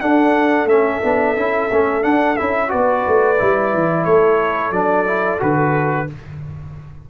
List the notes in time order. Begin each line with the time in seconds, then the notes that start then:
0.00 D4 A4 F#5
0.65 A3 C#4 E5
1.03 B3 D4
1.36 C#4 E4
1.71 A3 C#4
2.02 D4 F#5
2.36 C#4 E4 E5
2.68 B3 F#4 B4 D5
3.07 A3
3.38 G3 E4
3.74 E3
4.04 A3 A4 C#5
4.71 F#3 D4 D5
5.06 E4
5.39 D3 F#4 B4